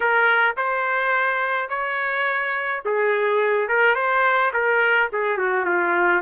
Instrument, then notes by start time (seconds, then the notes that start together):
trumpet
0.00 A#4
0.56 C5
1.69 C#5
2.85 G#4
3.68 A#4
3.95 C5
4.53 A#4
5.12 G#4
5.37 F#4
5.65 F4